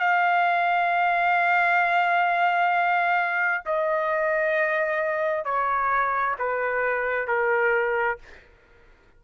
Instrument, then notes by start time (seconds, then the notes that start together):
trumpet
0.00 F5
3.65 D#5
5.45 C#5
6.38 B4
7.28 A#4